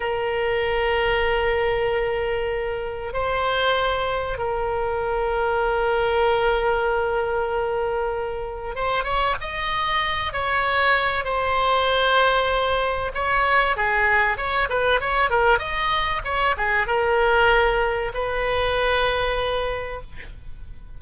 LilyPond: \new Staff \with { instrumentName = "oboe" } { \time 4/4 \tempo 4 = 96 ais'1~ | ais'4 c''2 ais'4~ | ais'1~ | ais'2 c''8 cis''8 dis''4~ |
dis''8 cis''4. c''2~ | c''4 cis''4 gis'4 cis''8 b'8 | cis''8 ais'8 dis''4 cis''8 gis'8 ais'4~ | ais'4 b'2. | }